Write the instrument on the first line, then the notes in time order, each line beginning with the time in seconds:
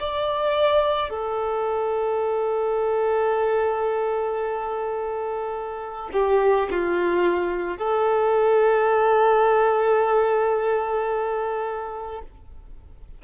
violin
0.00 D5
1.10 A4
6.13 G4
6.71 F4
7.78 A4